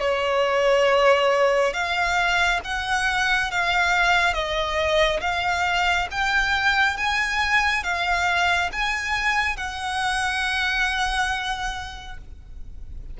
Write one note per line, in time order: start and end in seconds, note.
0.00 1.74 C#5
1.74 2.60 F5
2.64 3.51 F#5
3.51 4.34 F5
4.34 5.21 D#5
5.21 6.08 F5
6.11 6.97 G5
6.97 7.83 G#5
7.83 8.70 F5
8.72 9.57 G#5
9.57 12.18 F#5